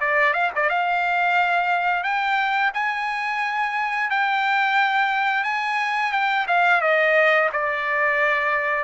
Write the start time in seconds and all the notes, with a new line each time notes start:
0.00 D5
0.33 F5
0.55 D5
0.69 F5
2.03 G5
2.73 G#5
4.10 G5
5.44 G#5
6.12 G5
6.47 F5
6.81 D#5
7.52 D5